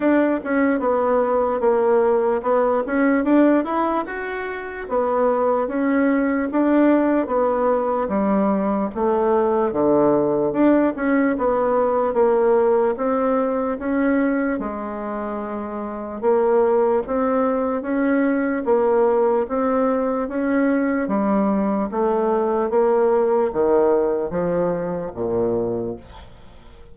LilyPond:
\new Staff \with { instrumentName = "bassoon" } { \time 4/4 \tempo 4 = 74 d'8 cis'8 b4 ais4 b8 cis'8 | d'8 e'8 fis'4 b4 cis'4 | d'4 b4 g4 a4 | d4 d'8 cis'8 b4 ais4 |
c'4 cis'4 gis2 | ais4 c'4 cis'4 ais4 | c'4 cis'4 g4 a4 | ais4 dis4 f4 ais,4 | }